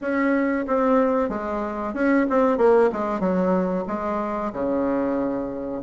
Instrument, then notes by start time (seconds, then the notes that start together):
bassoon
0.01 C#4
0.67 C4
1.29 G#3
1.94 C#4
2.29 C4
2.57 A#3
2.92 G#3
3.20 F#3
3.87 G#3
4.52 C#3